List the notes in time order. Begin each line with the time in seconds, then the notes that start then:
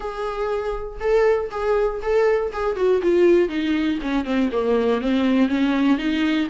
0.00 G#4
1.00 A4
1.50 G#4
2.02 A4
2.52 G#4
2.76 F#4
3.02 F4
3.48 D#4
4.01 C#4
4.24 C4
4.52 A#3
5.01 C4
5.48 C#4
5.97 D#4